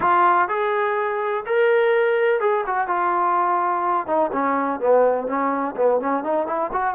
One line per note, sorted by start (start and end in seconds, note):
0.00 0.48 F4
0.48 1.44 G#4
1.45 2.40 A#4
2.40 2.64 G#4
2.66 2.87 F#4
2.87 4.07 F4
4.07 4.31 D#4
4.32 4.79 C#4
4.79 5.27 B3
5.27 5.75 C#4
5.76 6.00 B3
6.00 6.23 C#4
6.23 6.46 D#4
6.46 6.70 E4
6.72 6.95 F#4